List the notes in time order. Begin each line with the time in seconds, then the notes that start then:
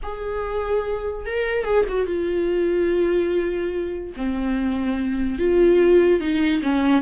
0.02 G#4
1.26 A#4
1.64 G#4
1.88 F#4
2.06 F4
4.16 C4
5.38 F4
6.20 D#4
6.62 C#4